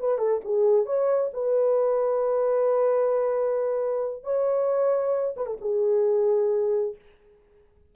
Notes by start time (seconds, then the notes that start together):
0.00 B4
0.19 A4
0.45 G#4
0.86 C#5
1.34 B4
4.24 C#5
5.37 B4
5.46 A4
5.62 G#4